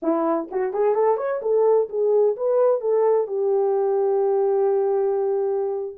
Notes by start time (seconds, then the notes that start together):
0.02 E4
0.51 F#4
0.73 G#4
0.94 A4
1.17 C#5
1.41 A4
1.89 G#4
2.36 B4
2.80 A4
3.27 G4